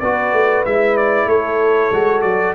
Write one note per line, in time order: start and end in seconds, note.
0.00 0.33 B3
0.00 0.66 F#4
0.00 1.28 B4
0.00 0.64 D5
0.33 0.64 A3
0.65 1.26 G#3
0.65 1.93 E4
0.65 0.97 E5
0.97 1.29 D5
1.26 1.89 A3
1.26 2.55 A4
1.26 2.22 C#5
1.92 2.23 G#3
1.92 2.55 F#4
2.22 2.55 F#3
2.22 2.53 D5